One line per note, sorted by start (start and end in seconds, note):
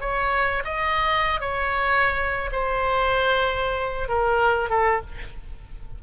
0.00 0.62 C#5
0.64 1.40 D#5
1.40 2.49 C#5
2.52 4.08 C5
4.08 4.69 A#4
4.69 5.00 A4